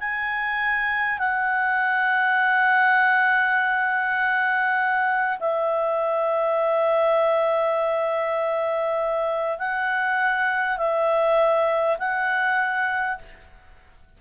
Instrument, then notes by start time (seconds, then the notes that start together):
clarinet
0.00 G#5
1.19 F#5
5.40 E5
9.59 F#5
10.78 E5
11.98 F#5